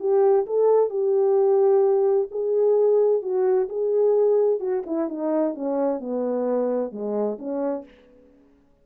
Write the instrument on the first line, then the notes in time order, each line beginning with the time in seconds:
horn
0.00 G4
0.47 A4
0.90 G4
2.31 G#4
3.22 F#4
3.69 G#4
4.60 F#4
4.87 E4
5.09 D#4
5.55 C#4
6.00 B3
6.92 G#3
7.39 C#4